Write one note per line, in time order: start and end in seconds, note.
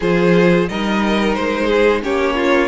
0.00 0.68 F3
0.00 0.68 F4
0.00 0.67 G#4
0.00 0.69 C5
0.69 1.37 G3
0.69 2.03 D#4
0.69 1.66 A#4
0.69 1.34 D#5
1.34 2.03 G#3
1.34 2.01 C5
1.66 2.00 G#4
2.03 2.68 A#3
2.03 2.68 C#4
2.03 2.35 G4
2.03 2.68 C#5
2.35 2.68 F4